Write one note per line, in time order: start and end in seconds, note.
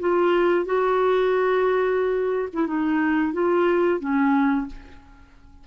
0.00 0.65 F4
0.65 2.48 F#4
2.53 2.67 E4
2.67 3.33 D#4
3.33 4.00 F4
4.00 4.67 C#4